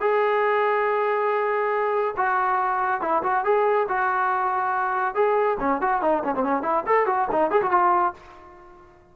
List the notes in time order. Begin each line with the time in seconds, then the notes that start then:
0.00 G#4
2.16 F#4
3.01 E4
3.23 F#4
3.44 G#4
3.88 F#4
5.14 G#4
5.59 C#4
5.81 F#4
6.01 D#4
6.24 C#4
6.34 C4
6.43 C#4
6.62 E4
6.86 A4
7.06 F#4
7.31 D#4
7.50 G#4
7.62 F#4
7.71 F4